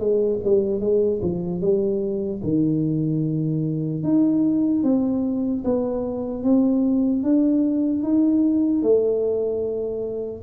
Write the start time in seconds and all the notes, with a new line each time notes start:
0.00 G#3
0.45 G3
0.80 G#3
1.22 F3
1.61 G3
2.43 D#3
4.04 D#4
4.84 C4
5.65 B3
6.43 C4
7.23 D4
8.03 D#4
8.83 A3